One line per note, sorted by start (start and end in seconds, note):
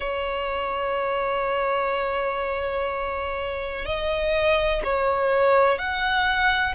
0.00 3.85 C#5
3.85 4.82 D#5
4.84 5.78 C#5
5.78 6.75 F#5